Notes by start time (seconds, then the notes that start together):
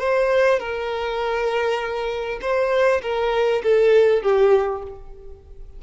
0.00 C5
0.60 A#4
2.42 C5
3.02 A#4
3.64 A4
4.23 G4